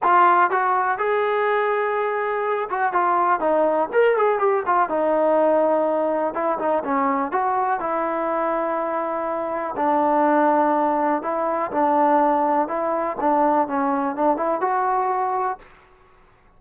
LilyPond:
\new Staff \with { instrumentName = "trombone" } { \time 4/4 \tempo 4 = 123 f'4 fis'4 gis'2~ | gis'4. fis'8 f'4 dis'4 | ais'8 gis'8 g'8 f'8 dis'2~ | dis'4 e'8 dis'8 cis'4 fis'4 |
e'1 | d'2. e'4 | d'2 e'4 d'4 | cis'4 d'8 e'8 fis'2 | }